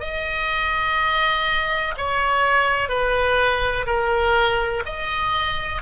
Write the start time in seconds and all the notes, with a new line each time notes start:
0.00 D#5
1.98 C#5
2.89 B4
3.87 A#4
4.86 D#5